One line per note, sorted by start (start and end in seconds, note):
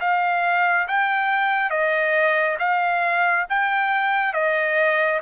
0.00 0.87 F5
0.88 1.70 G5
1.70 2.57 D#5
2.59 3.46 F5
3.49 4.33 G5
4.33 5.20 D#5